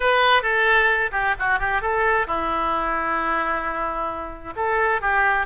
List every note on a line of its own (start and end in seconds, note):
0.00 0.42 B4
0.42 1.10 A4
1.11 1.34 G4
1.39 1.59 F#4
1.59 1.81 G4
1.81 2.26 A4
2.26 4.54 E4
4.56 5.01 A4
5.01 5.46 G4